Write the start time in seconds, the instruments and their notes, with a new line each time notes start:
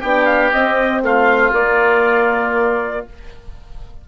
0.00 bassoon B3, horn D4, oboe G4, trumpet G5
0.26 trumpet F5
0.52 horn C4, bassoon C4, trumpet D#5
1.02 bassoon A3, oboe F4, trumpet F5
1.52 bassoon A#3, horn A#3, trumpet D5